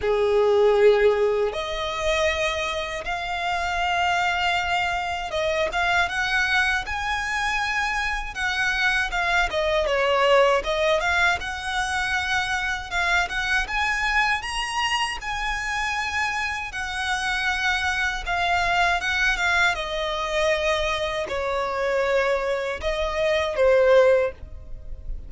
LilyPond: \new Staff \with { instrumentName = "violin" } { \time 4/4 \tempo 4 = 79 gis'2 dis''2 | f''2. dis''8 f''8 | fis''4 gis''2 fis''4 | f''8 dis''8 cis''4 dis''8 f''8 fis''4~ |
fis''4 f''8 fis''8 gis''4 ais''4 | gis''2 fis''2 | f''4 fis''8 f''8 dis''2 | cis''2 dis''4 c''4 | }